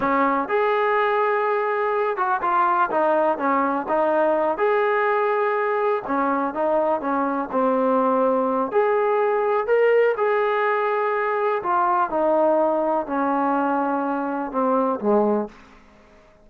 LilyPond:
\new Staff \with { instrumentName = "trombone" } { \time 4/4 \tempo 4 = 124 cis'4 gis'2.~ | gis'8 fis'8 f'4 dis'4 cis'4 | dis'4. gis'2~ gis'8~ | gis'8 cis'4 dis'4 cis'4 c'8~ |
c'2 gis'2 | ais'4 gis'2. | f'4 dis'2 cis'4~ | cis'2 c'4 gis4 | }